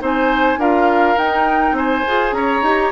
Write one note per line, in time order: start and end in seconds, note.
0.00 0.58 C4
0.00 0.58 D#4
0.00 0.60 C5
0.00 0.61 G#5
0.58 1.16 D4
0.58 1.17 F4
0.58 1.76 A#4
0.58 1.18 F5
1.17 2.04 D#4
1.17 1.72 D#4
1.17 1.76 G5
1.72 2.02 C4
1.72 2.36 C5
1.72 2.34 G#5
2.07 2.32 F4
2.07 2.65 G#4
2.32 2.62 C#4
2.32 2.92 C#5
2.32 2.92 A#5
2.62 2.91 D#4
2.62 2.92 G4